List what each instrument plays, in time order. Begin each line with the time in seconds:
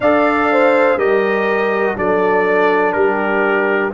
0.00 tuba D4, trombone A4, horn D5, trumpet F5
0.51 horn C5
0.97 tuba G3, trombone G4, horn A#4, trumpet D#5
1.95 tuba F#3, trombone D4, horn A4, trumpet D5
2.92 tuba G3, horn G4, trumpet A#4